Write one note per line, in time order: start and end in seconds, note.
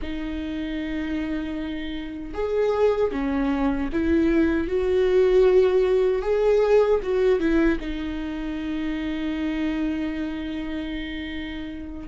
0.01 2.33 D#4
2.33 3.11 G#4
3.11 3.89 C#4
3.92 4.67 E4
4.67 6.22 F#4
6.22 7.00 G#4
7.02 7.39 F#4
7.39 7.78 E4
7.80 12.08 D#4